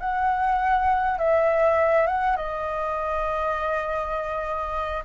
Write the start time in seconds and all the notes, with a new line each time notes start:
0.00 F#5
1.19 E5
2.07 F#5
2.37 D#5